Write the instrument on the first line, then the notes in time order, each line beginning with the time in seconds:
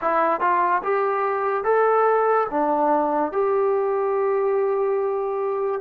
trombone
0.01 E4
0.40 F4
0.83 G4
1.64 A4
2.50 D4
3.31 G4